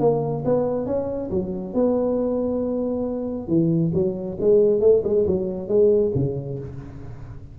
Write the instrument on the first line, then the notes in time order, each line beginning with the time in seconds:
tuba
0.00 A#3
0.45 B3
0.86 C#4
1.31 F#3
1.74 B3
3.48 E3
3.94 F#3
4.40 G#3
4.81 A3
5.04 G#3
5.27 F#3
5.68 G#3
6.15 C#3